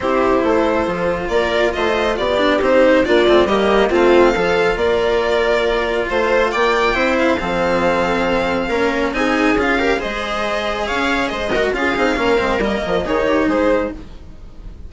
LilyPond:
<<
  \new Staff \with { instrumentName = "violin" } { \time 4/4 \tempo 4 = 138 c''2. d''4 | dis''4 d''4 c''4 d''4 | dis''4 f''2 d''4~ | d''2 c''4 g''4~ |
g''8 f''2.~ f''8~ | f''4 gis''4 f''4 dis''4~ | dis''4 f''4 dis''4 f''4~ | f''4 dis''4 cis''4 c''4 | }
  \new Staff \with { instrumentName = "viola" } { \time 4/4 g'4 a'2 ais'4 | c''4 g'2 f'4 | g'4 f'4 a'4 ais'4~ | ais'2 c''4 d''4 |
c''4 a'2. | ais'4 gis'4. ais'8 c''4~ | c''4 cis''4 c''8 ais'8 gis'4 | ais'2 gis'8 g'8 gis'4 | }
  \new Staff \with { instrumentName = "cello" } { \time 4/4 e'2 f'2~ | f'4. d'8 dis'4 d'8 c'8 | ais4 c'4 f'2~ | f'1 |
e'4 c'2. | cis'4 dis'4 f'8 g'8 gis'4~ | gis'2~ gis'8 fis'8 f'8 dis'8 | cis'8 c'8 ais4 dis'2 | }
  \new Staff \with { instrumentName = "bassoon" } { \time 4/4 c'4 a4 f4 ais4 | a4 b4 c'4 ais8 a8 | g4 a4 f4 ais4~ | ais2 a4 ais4 |
c'4 f2. | ais4 c'4 cis'4 gis4~ | gis4 cis'4 gis4 cis'8 c'8 | ais8 gis8 g8 f8 dis4 gis4 | }
>>